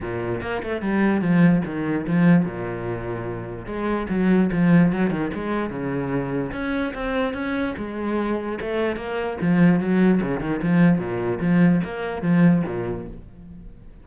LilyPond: \new Staff \with { instrumentName = "cello" } { \time 4/4 \tempo 4 = 147 ais,4 ais8 a8 g4 f4 | dis4 f4 ais,2~ | ais,4 gis4 fis4 f4 | fis8 dis8 gis4 cis2 |
cis'4 c'4 cis'4 gis4~ | gis4 a4 ais4 f4 | fis4 cis8 dis8 f4 ais,4 | f4 ais4 f4 ais,4 | }